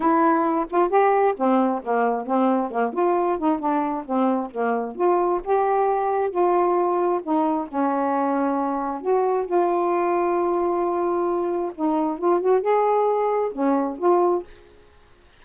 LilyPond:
\new Staff \with { instrumentName = "saxophone" } { \time 4/4 \tempo 4 = 133 e'4. f'8 g'4 c'4 | ais4 c'4 ais8 f'4 dis'8 | d'4 c'4 ais4 f'4 | g'2 f'2 |
dis'4 cis'2. | fis'4 f'2.~ | f'2 dis'4 f'8 fis'8 | gis'2 cis'4 f'4 | }